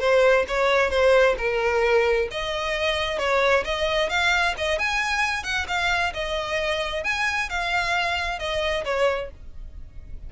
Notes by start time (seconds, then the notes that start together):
0.00 C5
0.48 C#5
0.90 C5
1.38 A#4
2.31 D#5
3.19 C#5
3.65 D#5
4.09 F5
4.57 D#5
4.79 G#5
5.44 F#5
5.68 F5
6.14 D#5
7.04 G#5
7.49 F5
8.39 D#5
8.85 C#5